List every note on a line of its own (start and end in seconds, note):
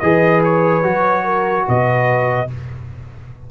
0.00 0.84 E3
0.00 0.83 G#4
0.00 1.24 B4
0.00 0.41 D#5
0.44 1.67 C#5
0.83 1.66 F#3
0.83 2.47 F#4
1.24 1.65 A#4
1.67 2.50 B2
1.67 2.49 B4
1.67 2.51 D#5